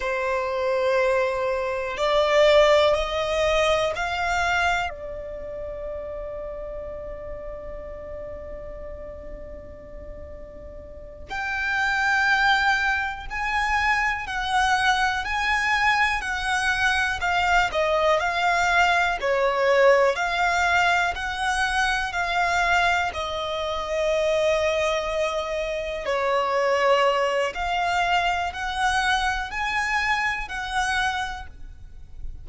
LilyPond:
\new Staff \with { instrumentName = "violin" } { \time 4/4 \tempo 4 = 61 c''2 d''4 dis''4 | f''4 d''2.~ | d''2.~ d''8 g''8~ | g''4. gis''4 fis''4 gis''8~ |
gis''8 fis''4 f''8 dis''8 f''4 cis''8~ | cis''8 f''4 fis''4 f''4 dis''8~ | dis''2~ dis''8 cis''4. | f''4 fis''4 gis''4 fis''4 | }